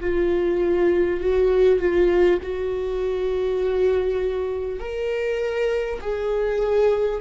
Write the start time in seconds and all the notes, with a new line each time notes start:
0.00 F4
1.20 F#4
1.79 F4
2.42 F#4
4.79 A#4
6.00 G#4